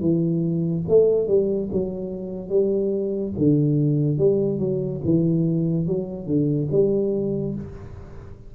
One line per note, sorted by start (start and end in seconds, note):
0.00 0.83 E3
0.88 1.27 A3
1.27 1.69 G3
1.72 2.49 F#3
2.49 3.32 G3
3.37 4.17 D3
4.17 4.59 G3
4.59 5.00 F#3
5.04 5.86 E3
5.86 6.26 F#3
6.26 6.68 D3
6.71 7.55 G3